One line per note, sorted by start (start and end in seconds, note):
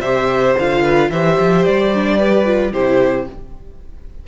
0.00 0.55 C3
0.00 0.57 G4
0.00 0.82 C5
0.00 0.55 E5
0.59 1.10 D3
0.59 1.13 F4
0.59 1.10 F5
0.82 1.09 B4
1.10 1.37 E3
1.10 1.94 G4
1.10 2.17 C5
1.10 1.64 E5
1.39 1.66 F3
1.64 2.72 G3
1.64 2.73 D5
1.94 2.19 D4
2.17 2.45 G4
2.17 2.72 B4
2.45 2.72 F4
2.72 3.27 C3
2.72 3.27 E4
2.72 3.26 G4
2.72 3.27 C5